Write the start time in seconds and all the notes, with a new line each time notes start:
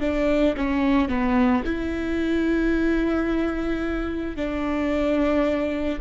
0.00 D4
0.57 C#4
1.09 B3
1.65 E4
4.36 D4